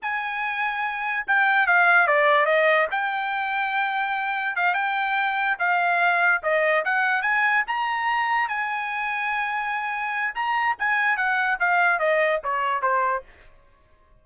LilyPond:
\new Staff \with { instrumentName = "trumpet" } { \time 4/4 \tempo 4 = 145 gis''2. g''4 | f''4 d''4 dis''4 g''4~ | g''2. f''8 g''8~ | g''4. f''2 dis''8~ |
dis''8 fis''4 gis''4 ais''4.~ | ais''8 gis''2.~ gis''8~ | gis''4 ais''4 gis''4 fis''4 | f''4 dis''4 cis''4 c''4 | }